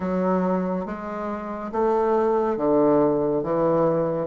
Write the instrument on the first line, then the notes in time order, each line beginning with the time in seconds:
bassoon
0.00 F#3
0.85 G#3
1.72 A3
2.57 D3
3.43 E3